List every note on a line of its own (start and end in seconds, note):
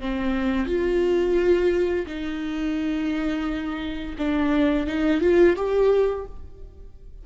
0.00 0.66 C4
0.66 2.06 F4
2.06 4.16 D#4
4.18 4.86 D4
4.86 5.21 D#4
5.21 5.56 F4
5.56 6.26 G4